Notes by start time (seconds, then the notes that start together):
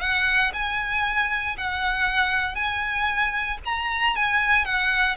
0.00 F#5
0.53 G#5
1.57 F#5
2.55 G#5
3.65 A#5
4.15 G#5
4.65 F#5